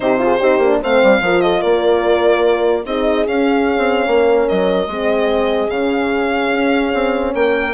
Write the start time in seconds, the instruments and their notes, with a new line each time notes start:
0.00 bassoon C3, horn D#4 G4, violin C5
0.18 horn F4 G#4
0.39 bassoon C4, horn D#4 G4
0.58 bassoon A#3, horn D4
0.81 bassoon A3, horn C4 C5, violin F5
1.03 bassoon G3
1.20 bassoon F3, horn F4 A#4
1.40 horn A4, violin D#5
1.60 bassoon A#3, horn A#4, violin D5
2.85 bassoon C4, horn D#4 G#4, violin D#5
3.26 horn C#4, bassoon C#4, violin F5
3.77 bassoon C4
4.06 bassoon A#3, horn A#4
4.48 bassoon F#3, violin D#5
4.86 bassoon G#3, horn C4 G#4
5.69 bassoon C#3, horn C#4, violin F5
6.52 bassoon C#4
6.93 bassoon C4
7.34 bassoon A#3, horn A#4, violin G5